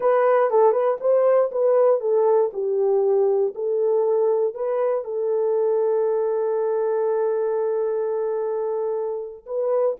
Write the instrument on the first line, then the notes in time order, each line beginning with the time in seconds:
horn
0.00 B4
0.50 A4
0.72 B4
1.00 C5
1.51 B4
2.00 A4
2.53 G4
3.55 A4
4.54 B4
5.04 A4
9.45 B4